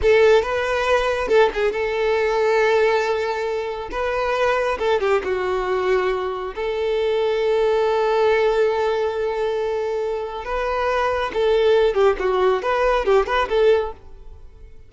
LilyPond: \new Staff \with { instrumentName = "violin" } { \time 4/4 \tempo 4 = 138 a'4 b'2 a'8 gis'8 | a'1~ | a'4 b'2 a'8 g'8 | fis'2. a'4~ |
a'1~ | a'1 | b'2 a'4. g'8 | fis'4 b'4 g'8 b'8 a'4 | }